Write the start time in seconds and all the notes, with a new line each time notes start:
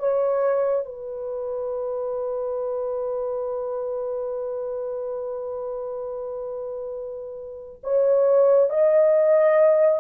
0.00 C#5
0.86 B4
7.83 C#5
8.70 D#5